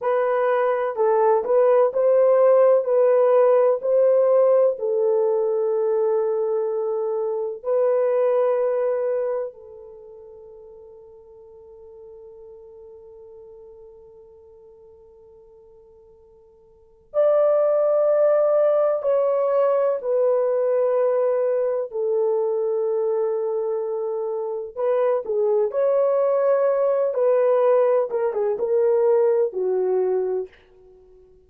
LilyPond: \new Staff \with { instrumentName = "horn" } { \time 4/4 \tempo 4 = 63 b'4 a'8 b'8 c''4 b'4 | c''4 a'2. | b'2 a'2~ | a'1~ |
a'2 d''2 | cis''4 b'2 a'4~ | a'2 b'8 gis'8 cis''4~ | cis''8 b'4 ais'16 gis'16 ais'4 fis'4 | }